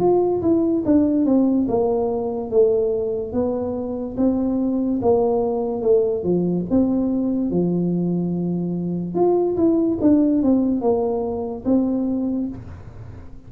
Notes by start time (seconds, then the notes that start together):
0.00 F4
0.42 E4
0.86 D4
1.25 C4
1.69 A#3
2.51 A3
3.33 B3
4.17 C4
5.02 A#3
5.82 A3
6.23 F3
6.70 C4
7.51 F3
9.15 F4
9.57 E4
10.01 D4
10.43 C4
10.81 A#3
11.65 C4